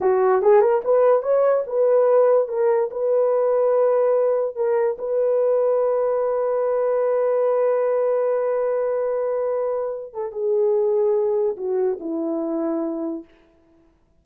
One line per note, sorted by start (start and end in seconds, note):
0.01 0.41 F#4
0.41 0.61 G#4
0.61 0.81 A#4
0.84 1.22 B4
1.22 1.63 C#5
1.67 2.48 B4
2.48 2.89 A#4
2.91 4.55 B4
4.55 4.97 A#4
4.98 10.13 B4
10.13 10.32 A4
10.32 11.56 G#4
11.57 11.98 F#4
12.00 13.24 E4